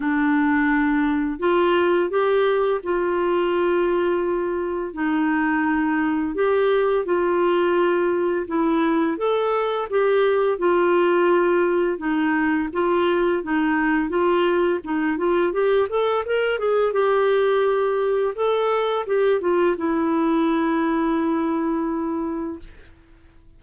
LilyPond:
\new Staff \with { instrumentName = "clarinet" } { \time 4/4 \tempo 4 = 85 d'2 f'4 g'4 | f'2. dis'4~ | dis'4 g'4 f'2 | e'4 a'4 g'4 f'4~ |
f'4 dis'4 f'4 dis'4 | f'4 dis'8 f'8 g'8 a'8 ais'8 gis'8 | g'2 a'4 g'8 f'8 | e'1 | }